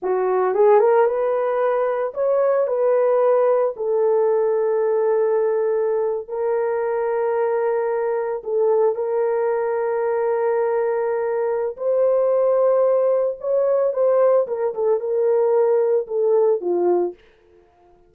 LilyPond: \new Staff \with { instrumentName = "horn" } { \time 4/4 \tempo 4 = 112 fis'4 gis'8 ais'8 b'2 | cis''4 b'2 a'4~ | a'2.~ a'8. ais'16~ | ais'2.~ ais'8. a'16~ |
a'8. ais'2.~ ais'16~ | ais'2 c''2~ | c''4 cis''4 c''4 ais'8 a'8 | ais'2 a'4 f'4 | }